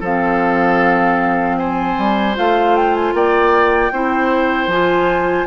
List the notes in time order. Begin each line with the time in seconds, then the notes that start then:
0.00 F3 C4 A4 F5
1.57 C5 G#5
1.98 G3
2.35 A3 F4 F5
2.76 G5
2.94 G#5
3.13 A#3 D5 G5
3.91 C4 E4 C5
4.67 F3 F4 G#5